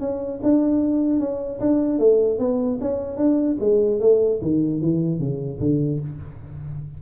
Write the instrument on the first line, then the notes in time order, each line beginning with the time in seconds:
tuba
0.00 C#4
0.43 D4
1.19 C#4
1.60 D4
1.99 A3
2.39 B3
2.81 C#4
3.17 D4
3.60 G#3
4.00 A3
4.41 D#3
4.81 E3
5.19 C#3
5.60 D3